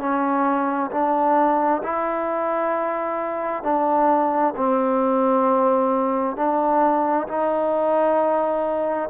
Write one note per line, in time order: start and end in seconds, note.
0.00 0.91 C#4
0.92 1.83 D4
1.83 3.64 E4
3.64 4.55 D4
4.57 6.37 C4
6.37 7.28 D4
7.28 9.10 D#4